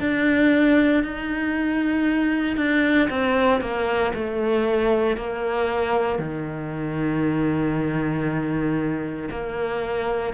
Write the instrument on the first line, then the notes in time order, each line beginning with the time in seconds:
cello
0.00 D4
1.03 D#4
2.57 D4
3.09 C4
3.61 A#3
4.14 A3
5.17 A#3
6.19 D#3
9.31 A#3